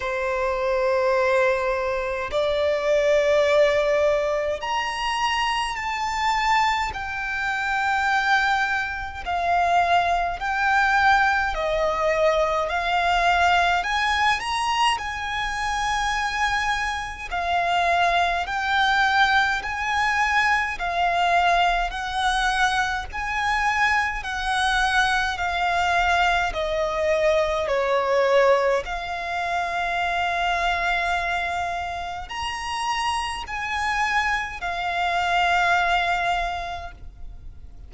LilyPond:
\new Staff \with { instrumentName = "violin" } { \time 4/4 \tempo 4 = 52 c''2 d''2 | ais''4 a''4 g''2 | f''4 g''4 dis''4 f''4 | gis''8 ais''8 gis''2 f''4 |
g''4 gis''4 f''4 fis''4 | gis''4 fis''4 f''4 dis''4 | cis''4 f''2. | ais''4 gis''4 f''2 | }